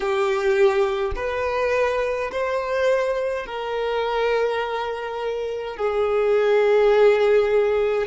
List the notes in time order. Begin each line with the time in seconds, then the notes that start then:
0.00 G4
1.15 B4
2.31 C5
3.46 A#4
5.76 G#4